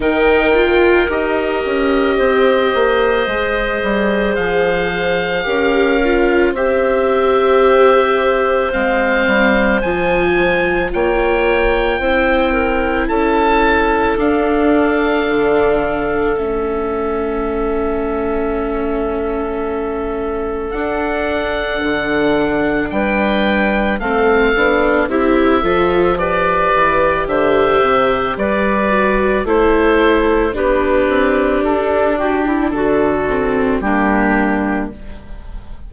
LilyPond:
<<
  \new Staff \with { instrumentName = "oboe" } { \time 4/4 \tempo 4 = 55 g''4 dis''2. | f''2 e''2 | f''4 gis''4 g''2 | a''4 f''2 e''4~ |
e''2. fis''4~ | fis''4 g''4 f''4 e''4 | d''4 e''4 d''4 c''4 | b'4 a'8 g'8 a'4 g'4 | }
  \new Staff \with { instrumentName = "clarinet" } { \time 4/4 ais'2 c''2~ | c''4 ais'4 c''2~ | c''2 cis''4 c''8 ais'8 | a'1~ |
a'1~ | a'4 b'4 a'4 g'8 a'8 | b'4 c''4 b'4 a'4 | g'4. fis'16 e'16 fis'4 d'4 | }
  \new Staff \with { instrumentName = "viola" } { \time 4/4 dis'8 f'8 g'2 gis'4~ | gis'4 g'8 f'8 g'2 | c'4 f'2 e'4~ | e'4 d'2 cis'4~ |
cis'2. d'4~ | d'2 c'8 d'8 e'8 f'8 | g'2~ g'8 fis'8 e'4 | d'2~ d'8 c'8 ais4 | }
  \new Staff \with { instrumentName = "bassoon" } { \time 4/4 dis4 dis'8 cis'8 c'8 ais8 gis8 g8 | f4 cis'4 c'2 | gis8 g8 f4 ais4 c'4 | cis'4 d'4 d4 a4~ |
a2. d'4 | d4 g4 a8 b8 c'8 f8~ | f8 e8 d8 c8 g4 a4 | b8 c'8 d'4 d4 g4 | }
>>